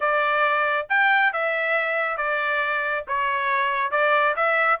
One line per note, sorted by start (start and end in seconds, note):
0.00 0.87 D5
0.89 1.32 G5
1.32 2.17 E5
2.17 3.04 D5
3.07 3.91 C#5
3.91 4.35 D5
4.35 4.79 E5